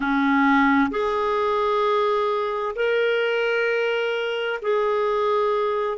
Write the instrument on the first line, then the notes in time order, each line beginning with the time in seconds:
clarinet
0.00 C#4
0.90 G#4
2.75 A#4
4.62 G#4